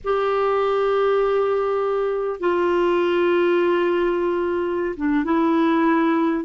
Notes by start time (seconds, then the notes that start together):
0.04 G4
2.40 F4
4.96 D4
5.24 E4